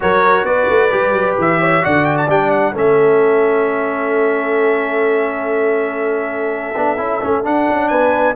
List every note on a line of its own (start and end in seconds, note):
0.00 0.44 F#3
0.00 0.90 F#4
0.00 0.46 A#4
0.00 0.44 C#5
0.44 0.67 B3
0.44 1.60 B4
0.44 1.36 D5
0.69 0.92 A3
0.90 1.12 G3
0.90 1.81 G4
1.12 1.35 F#3
1.37 1.83 E3
1.37 1.84 E5
1.61 1.83 C#5
1.81 2.27 D3
1.81 2.27 F#4
1.81 2.72 D5
1.81 2.05 F#5
2.05 2.16 G5
2.17 2.29 A5
2.27 2.73 G3
2.27 2.74 D4
2.27 2.51 G5
2.51 2.73 F#5
2.72 6.76 A3
2.72 6.74 C#4
2.72 7.88 A4
2.72 7.45 E5
6.75 6.97 B3
6.75 6.97 D4
6.97 7.20 C#4
6.97 7.20 E4
7.21 7.45 A3
7.21 7.43 C#4
7.43 8.35 D4
7.43 7.68 D4
7.43 7.88 F#5
7.68 7.91 C#4
7.88 8.35 B3
7.88 8.35 B4
7.88 8.34 G#5